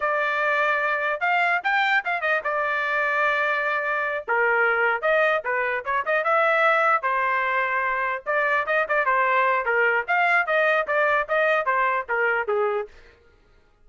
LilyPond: \new Staff \with { instrumentName = "trumpet" } { \time 4/4 \tempo 4 = 149 d''2. f''4 | g''4 f''8 dis''8 d''2~ | d''2~ d''8 ais'4.~ | ais'8 dis''4 b'4 cis''8 dis''8 e''8~ |
e''4. c''2~ c''8~ | c''8 d''4 dis''8 d''8 c''4. | ais'4 f''4 dis''4 d''4 | dis''4 c''4 ais'4 gis'4 | }